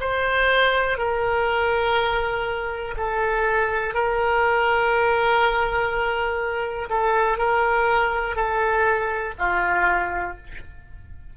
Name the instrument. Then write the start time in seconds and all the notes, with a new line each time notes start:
oboe
0.00 C5
0.97 A#4
2.97 A4
3.94 A#4
6.89 A4
7.38 A#4
8.36 A4
9.38 F4